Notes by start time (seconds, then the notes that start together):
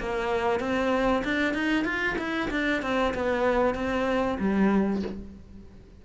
0.00 A#3
0.60 C4
1.25 D4
1.54 D#4
1.85 F4
2.19 E4
2.51 D4
2.83 C4
3.15 B3
3.75 C4
4.40 G3